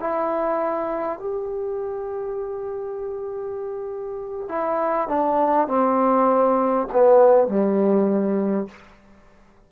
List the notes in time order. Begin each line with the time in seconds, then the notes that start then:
0.00 E4
1.19 G4
4.49 E4
5.09 D4
5.68 C4
6.93 B3
7.48 G3